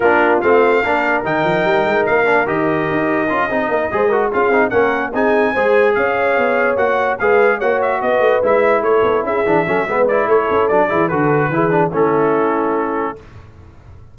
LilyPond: <<
  \new Staff \with { instrumentName = "trumpet" } { \time 4/4 \tempo 4 = 146 ais'4 f''2 g''4~ | g''4 f''4 dis''2~ | dis''2~ dis''8 f''4 fis''8~ | fis''8 gis''2 f''4.~ |
f''8 fis''4 f''4 fis''8 e''8 dis''8~ | dis''8 e''4 cis''4 e''4.~ | e''8 d''8 cis''4 d''4 b'4~ | b'4 a'2. | }
  \new Staff \with { instrumentName = "horn" } { \time 4/4 f'2 ais'2~ | ais'1~ | ais'8 gis'8 ais'8 c''8 ais'8 gis'4 ais'8~ | ais'8 gis'4 c''4 cis''4.~ |
cis''4. b'4 cis''4 b'8~ | b'4. a'4 gis'4 a'8 | b'4 a'4. gis'8 a'4 | gis'4 e'2. | }
  \new Staff \with { instrumentName = "trombone" } { \time 4/4 d'4 c'4 d'4 dis'4~ | dis'4. d'8 g'2 | f'8 dis'4 gis'8 fis'8 f'8 dis'8 cis'8~ | cis'8 dis'4 gis'2~ gis'8~ |
gis'8 fis'4 gis'4 fis'4.~ | fis'8 e'2~ e'8 d'8 cis'8 | b8 e'4. d'8 e'8 fis'4 | e'8 d'8 cis'2. | }
  \new Staff \with { instrumentName = "tuba" } { \time 4/4 ais4 a4 ais4 dis8 f8 | g8 gis8 ais4 dis4 dis'4 | cis'8 c'8 ais8 gis4 cis'8 c'8 ais8~ | ais8 c'4 gis4 cis'4 b8~ |
b8 ais4 gis4 ais4 b8 | a8 gis4 a8 b8 cis'8 e8 fis8 | gis4 a8 cis'8 fis8 e8 d4 | e4 a2. | }
>>